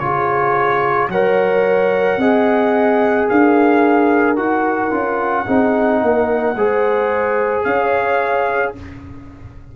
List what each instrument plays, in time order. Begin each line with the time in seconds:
0.00 tuba C#3, trombone F4, horn G#4, trumpet C#5
1.09 tuba F#3, trombone A#4, horn C#5, trumpet F#5
2.17 tuba C4, trombone G#4, horn D#5
3.30 tuba D4, horn A#4, trumpet F5
4.37 tuba D#4, trombone F#4, trumpet F#5
4.91 tuba C#4, trombone F4
5.47 tuba C4, trombone D#4, horn G#4
6.01 tuba A#3, horn A#4
6.55 tuba G#3, trombone G#4, horn C5
7.64 tuba C#4, horn C#5, trumpet F5